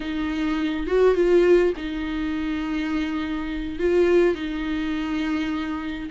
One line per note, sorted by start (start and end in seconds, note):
0.00 0.86 D#4
0.87 1.15 F#4
1.15 1.73 F4
1.76 3.79 D#4
3.79 4.34 F4
4.34 6.09 D#4